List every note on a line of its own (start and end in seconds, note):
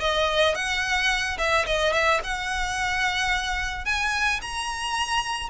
0.00 0.55 D#5
0.55 1.38 F#5
1.38 1.66 E5
1.66 1.93 D#5
1.93 2.20 E5
2.23 3.85 F#5
3.85 4.40 G#5
4.42 5.49 A#5